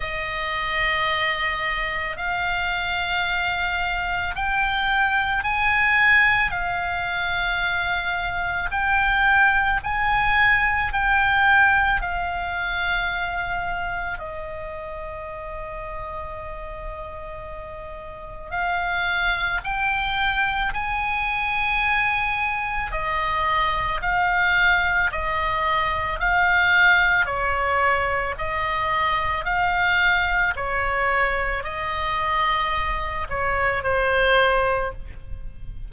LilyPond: \new Staff \with { instrumentName = "oboe" } { \time 4/4 \tempo 4 = 55 dis''2 f''2 | g''4 gis''4 f''2 | g''4 gis''4 g''4 f''4~ | f''4 dis''2.~ |
dis''4 f''4 g''4 gis''4~ | gis''4 dis''4 f''4 dis''4 | f''4 cis''4 dis''4 f''4 | cis''4 dis''4. cis''8 c''4 | }